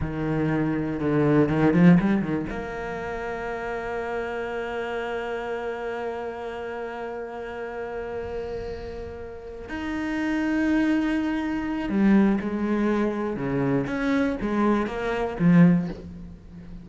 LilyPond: \new Staff \with { instrumentName = "cello" } { \time 4/4 \tempo 4 = 121 dis2 d4 dis8 f8 | g8 dis8 ais2.~ | ais1~ | ais1~ |
ais2.~ ais8 dis'8~ | dis'1 | g4 gis2 cis4 | cis'4 gis4 ais4 f4 | }